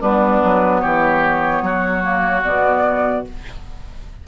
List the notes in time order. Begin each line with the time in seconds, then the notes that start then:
0.00 G3 B3 D4 B4
0.43 F#3
0.80 E3 G4 C#5
1.61 F#3 F#4
2.02 A#3
2.43 B2 B3 D5